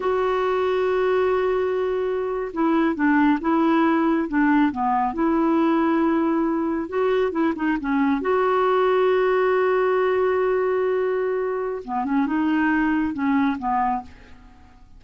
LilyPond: \new Staff \with { instrumentName = "clarinet" } { \time 4/4 \tempo 4 = 137 fis'1~ | fis'4.~ fis'16 e'4 d'4 e'16~ | e'4.~ e'16 d'4 b4 e'16~ | e'2.~ e'8. fis'16~ |
fis'8. e'8 dis'8 cis'4 fis'4~ fis'16~ | fis'1~ | fis'2. b8 cis'8 | dis'2 cis'4 b4 | }